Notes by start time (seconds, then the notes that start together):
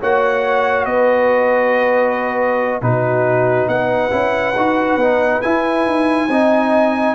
0.00 A#3 F#4 C#5 F#5
0.85 B3 B4 D#5
2.82 B2 D#4 F#4 B4
3.67 B3 B4 F#5
4.10 C#4 E4
4.56 D#4 F#4
4.97 B3 D#4
5.42 E4 G#5
5.87 D#4
6.28 C4 D#4 D#5